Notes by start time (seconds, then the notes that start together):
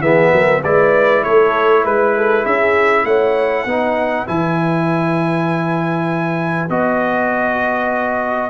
0.00 E3 B3 G#4 E5
0.32 F#3 A#4
0.63 G#3 E4 B4 D5
1.23 A3 A4 C#5
1.83 G#3 B4
2.16 A4
2.44 C#4 G#4 E5
3.04 A3 C#5 F#5
3.65 B3 D#4 B4
4.27 E3 E4 G#5
6.69 B3 F#4 D#5